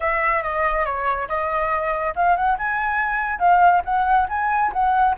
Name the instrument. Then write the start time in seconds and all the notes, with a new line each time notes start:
flute
0.00 E5
0.42 D#5
0.85 C#5
1.28 D#5
2.15 F5
2.36 F#5
2.58 G#5
3.39 F5
3.85 F#5
4.29 G#5
4.72 F#5